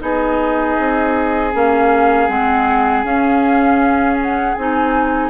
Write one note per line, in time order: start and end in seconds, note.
0.00 0.78 B3
0.00 1.52 D#4
0.00 5.30 G#4
0.00 1.53 D#5
0.79 1.55 C4
1.53 2.29 A#3
1.53 2.29 C#4
1.53 2.28 F5
2.28 3.04 G#3
2.28 3.05 C4
2.28 3.04 F#5
3.04 4.56 C#4
3.04 4.19 F5
4.22 4.55 F#5
4.55 5.30 C4
4.55 5.30 D#4
4.55 5.30 G#5